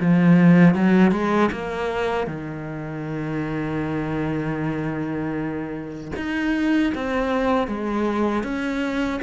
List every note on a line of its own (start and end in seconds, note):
0.00 0.74 F3
0.74 1.11 F#3
1.11 1.49 G#3
1.52 2.27 A#3
2.27 6.12 D#3
6.16 6.93 D#4
6.94 7.67 C4
7.67 8.43 G#3
8.43 9.20 C#4